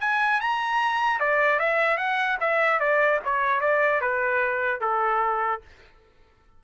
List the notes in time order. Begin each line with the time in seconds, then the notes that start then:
0.00 G#5
0.40 A#5
1.20 D5
1.59 E5
1.97 F#5
2.40 E5
2.79 D5
3.24 C#5
3.60 D5
4.01 B4
4.80 A4